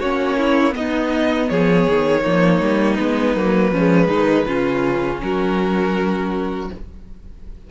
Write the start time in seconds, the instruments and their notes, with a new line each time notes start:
0.00 cello A#3, viola C#4, violin F#4 C#5
0.38 violin E4
0.72 viola B3, cello B3, violin D#5
0.78 violin D#4
1.49 cello F3, violin G#4 C#5
1.89 cello D#3
2.23 cello F3, viola A#3, violin D#4
2.61 cello G3
2.95 cello G#3, viola B3, violin B4
3.36 cello F#3, viola A#3
3.72 cello F3, viola G#3, violin C#4
4.08 cello D#3, violin D#4
4.47 cello C#3, viola C#4, violin F4
5.22 cello F#3, violin F#4 A#4